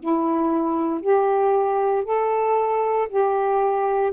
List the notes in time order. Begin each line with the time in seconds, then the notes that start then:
0.00 E4
1.01 G4
2.05 A4
3.09 G4